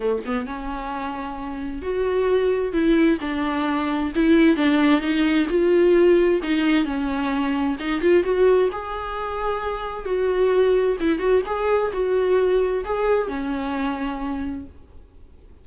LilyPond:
\new Staff \with { instrumentName = "viola" } { \time 4/4 \tempo 4 = 131 a8 b8 cis'2. | fis'2 e'4 d'4~ | d'4 e'4 d'4 dis'4 | f'2 dis'4 cis'4~ |
cis'4 dis'8 f'8 fis'4 gis'4~ | gis'2 fis'2 | e'8 fis'8 gis'4 fis'2 | gis'4 cis'2. | }